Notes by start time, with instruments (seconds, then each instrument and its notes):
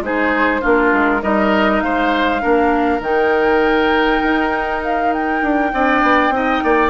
0.00 bassoon G#3, clarinet D#4, oboe G#4, flute C5
0.61 bassoon A#3, clarinet D4, oboe F4, flute A#4
0.93 bassoon G#3
1.21 bassoon G3, clarinet D#4, oboe A#4, flute D#5
1.80 bassoon G#3, oboe C5, flute F5
2.40 bassoon A#3, clarinet D4, oboe A#4
3.00 bassoon D#3, clarinet D#4, flute G5
4.22 bassoon D#4
4.83 flute F5
5.13 flute G5
5.42 bassoon D4
5.73 bassoon C4, clarinet D4, oboe D5
6.02 bassoon B3
6.29 bassoon C4, clarinet D#4, oboe D#5
6.63 bassoon A#3, oboe D5